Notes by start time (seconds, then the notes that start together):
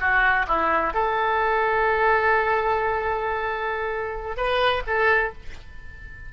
0.00 F#4
0.48 E4
0.94 A4
4.37 B4
4.87 A4